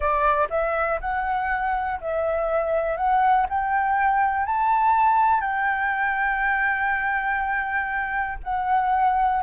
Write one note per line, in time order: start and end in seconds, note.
0.00 0.48 D5
0.50 0.99 E5
1.01 2.00 F#5
2.01 2.96 E5
2.96 3.46 F#5
3.49 4.46 G5
4.46 5.40 A5
5.40 8.38 G5
8.43 9.42 F#5